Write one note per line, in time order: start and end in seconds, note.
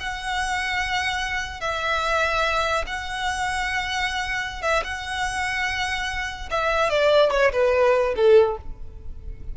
0.00 1.61 F#5
1.61 2.85 E5
2.87 4.63 F#5
4.63 4.83 E5
4.84 6.50 F#5
6.51 6.90 E5
6.90 7.31 D5
7.31 7.52 C#5
7.53 8.15 B4
8.16 8.57 A4